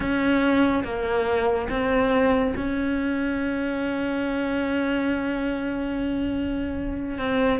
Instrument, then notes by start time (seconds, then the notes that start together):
cello
0.00 C#4
0.84 A#3
1.69 C4
2.56 C#4
7.18 C4